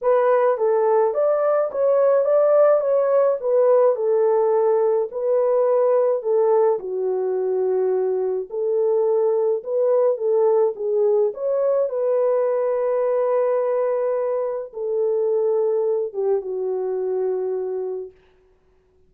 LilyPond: \new Staff \with { instrumentName = "horn" } { \time 4/4 \tempo 4 = 106 b'4 a'4 d''4 cis''4 | d''4 cis''4 b'4 a'4~ | a'4 b'2 a'4 | fis'2. a'4~ |
a'4 b'4 a'4 gis'4 | cis''4 b'2.~ | b'2 a'2~ | a'8 g'8 fis'2. | }